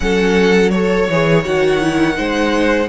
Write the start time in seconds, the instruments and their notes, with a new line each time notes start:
0.00 cello F#3, viola C#4, violin A4 F#5
0.70 viola A4, violin C#5
1.09 cello E3, viola G#4
1.44 cello D#3, viola F#4, violin F#5
1.81 viola E4
2.14 cello G#3, viola D#4, violin C5